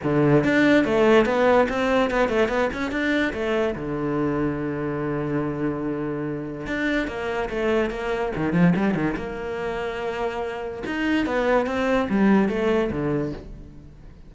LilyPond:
\new Staff \with { instrumentName = "cello" } { \time 4/4 \tempo 4 = 144 d4 d'4 a4 b4 | c'4 b8 a8 b8 cis'8 d'4 | a4 d2.~ | d1 |
d'4 ais4 a4 ais4 | dis8 f8 g8 dis8 ais2~ | ais2 dis'4 b4 | c'4 g4 a4 d4 | }